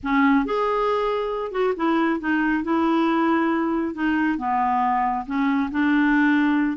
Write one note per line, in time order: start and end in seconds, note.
0.03 0.45 C#4
0.45 1.51 G#4
1.51 1.73 F#4
1.76 2.20 E4
2.20 2.63 D#4
2.63 3.94 E4
3.94 4.38 D#4
4.38 5.25 B3
5.26 5.70 C#4
5.71 6.77 D4